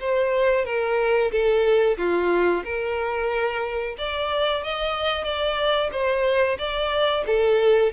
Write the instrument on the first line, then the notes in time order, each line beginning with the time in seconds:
violin
0.00 C5
0.65 A#4
1.32 A4
1.98 F4
2.64 A#4
3.98 D5
4.64 D#5
5.24 D5
5.92 C5
6.58 D5
7.26 A4